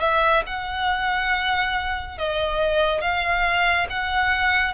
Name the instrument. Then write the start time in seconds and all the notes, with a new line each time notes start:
violin
0.00 E5
0.46 F#5
2.18 D#5
3.01 F5
3.89 F#5